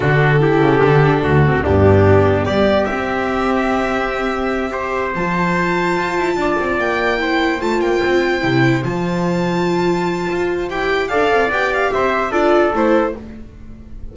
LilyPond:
<<
  \new Staff \with { instrumentName = "violin" } { \time 4/4 \tempo 4 = 146 a'1 | g'2 d''4 e''4~ | e''1~ | e''8 a''2.~ a''8~ |
a''8 g''2 a''8 g''4~ | g''4. a''2~ a''8~ | a''2 g''4 f''4 | g''8 f''8 e''4 d''4 c''4 | }
  \new Staff \with { instrumentName = "trumpet" } { \time 4/4 fis'4 g'2 fis'4 | d'2 g'2~ | g'2.~ g'8 c''8~ | c''2.~ c''8 d''8~ |
d''4. c''2~ c''8~ | c''1~ | c''2. d''4~ | d''4 c''4 a'2 | }
  \new Staff \with { instrumentName = "viola" } { \time 4/4 d'4 e'4 d'4. c'8 | b2. c'4~ | c'2.~ c'8 g'8~ | g'8 f'2.~ f'8~ |
f'4. e'4 f'4.~ | f'8 e'4 f'2~ f'8~ | f'2 g'4 a'4 | g'2 f'4 e'4 | }
  \new Staff \with { instrumentName = "double bass" } { \time 4/4 d4. cis8 d4 d,4 | g,2 g4 c'4~ | c'1~ | c'8 f2 f'8 e'8 d'8 |
c'8 ais2 a8 ais8 c'8~ | c'8 c4 f2~ f8~ | f4 f'4 e'4 d'8 c'8 | b4 c'4 d'4 a4 | }
>>